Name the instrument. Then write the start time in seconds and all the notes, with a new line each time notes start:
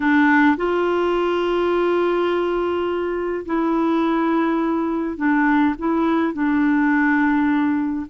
clarinet
0.00 D4
0.56 F4
3.45 E4
5.17 D4
5.78 E4
6.33 D4